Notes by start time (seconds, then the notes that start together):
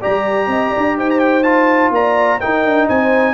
0.00 G3 G4 D5 A#5
0.47 C4 D#5
0.70 D5
0.77 D4
0.97 D#4 C5 G5
1.10 A#5
1.19 G5
1.43 F4 A5
1.90 A#3 D5 A#5
2.39 D#4 A#4 G5
2.64 D4
2.88 C4 C5 G#5